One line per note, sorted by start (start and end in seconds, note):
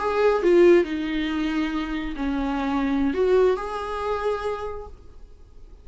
0.00 0.43 G#4
0.43 0.85 F4
0.85 2.15 D#4
2.17 3.14 C#4
3.14 3.57 F#4
3.57 4.88 G#4